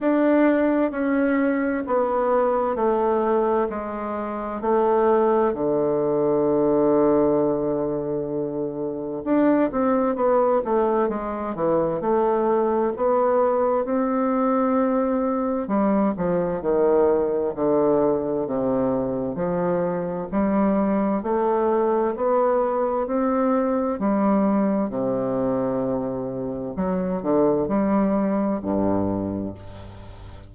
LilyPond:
\new Staff \with { instrumentName = "bassoon" } { \time 4/4 \tempo 4 = 65 d'4 cis'4 b4 a4 | gis4 a4 d2~ | d2 d'8 c'8 b8 a8 | gis8 e8 a4 b4 c'4~ |
c'4 g8 f8 dis4 d4 | c4 f4 g4 a4 | b4 c'4 g4 c4~ | c4 fis8 d8 g4 g,4 | }